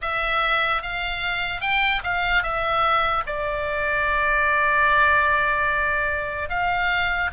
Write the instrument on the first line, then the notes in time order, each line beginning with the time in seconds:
oboe
0.01 E5
0.82 F5
1.61 G5
2.03 F5
2.42 E5
3.26 D5
6.49 F5